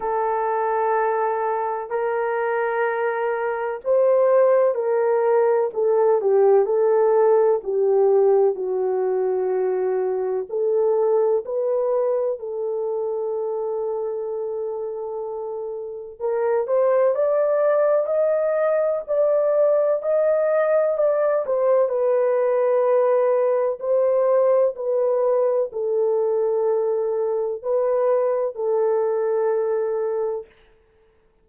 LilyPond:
\new Staff \with { instrumentName = "horn" } { \time 4/4 \tempo 4 = 63 a'2 ais'2 | c''4 ais'4 a'8 g'8 a'4 | g'4 fis'2 a'4 | b'4 a'2.~ |
a'4 ais'8 c''8 d''4 dis''4 | d''4 dis''4 d''8 c''8 b'4~ | b'4 c''4 b'4 a'4~ | a'4 b'4 a'2 | }